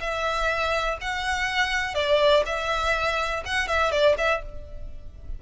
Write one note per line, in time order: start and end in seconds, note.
0.00 0.98 E5
1.01 1.94 F#5
1.94 2.43 D5
2.46 3.43 E5
3.45 3.68 F#5
3.68 3.91 E5
3.91 4.16 D5
4.18 4.42 E5